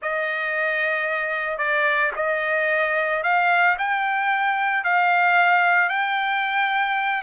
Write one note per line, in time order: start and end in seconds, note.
0.02 1.58 D#5
1.58 2.11 D5
2.16 3.23 D#5
3.23 3.76 F5
3.78 4.84 G5
4.84 5.89 F5
5.89 7.22 G5